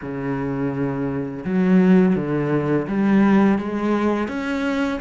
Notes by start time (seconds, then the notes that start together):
0.01 C#3
1.44 F#3
2.15 D3
2.87 G3
3.58 G#3
4.28 C#4